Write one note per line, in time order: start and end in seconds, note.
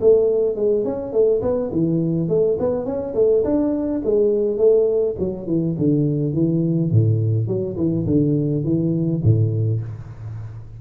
0.00 0.55 A3
0.55 0.84 G#3
0.84 1.12 C#4
1.12 1.41 A3
1.41 1.70 B3
1.71 2.28 E3
2.28 2.57 A3
2.59 2.85 B3
2.85 3.14 C#4
3.14 3.43 A3
3.44 4.01 D4
4.04 4.57 G#3
4.57 5.15 A3
5.18 5.47 F#3
5.47 5.75 E3
5.78 6.33 D3
6.33 6.91 E3
6.91 7.47 A2
7.47 7.76 F#3
7.76 8.05 E3
8.06 8.64 D3
8.64 9.22 E3
9.23 9.81 A2